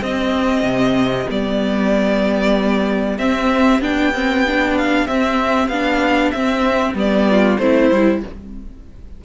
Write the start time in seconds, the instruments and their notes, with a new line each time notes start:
0.00 viola C4, cello C4, violin G4 D#5
0.62 cello C3
1.29 cello G3, viola B3, violin D5
3.17 cello C4, viola C4, violin E5
3.80 cello B3, viola D4, violin G5
4.13 viola C4
4.46 viola D4
4.77 violin F5
5.07 cello C4, viola C4, violin E5
5.68 cello B3, viola D4, violin F5
6.31 cello C4, viola C4, violin E5
6.94 cello G3, viola B3, violin D5
7.30 violin F4
7.58 cello A3, viola C4, violin E4 C5
7.91 cello G3, viola E4